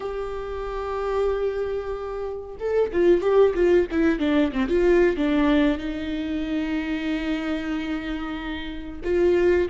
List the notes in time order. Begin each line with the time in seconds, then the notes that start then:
0.00 G4
2.59 A4
2.92 F4
3.21 G4
3.54 F4
3.91 E4
4.19 D4
4.52 C4
4.68 F4
5.16 D4
5.78 D#4
9.04 F4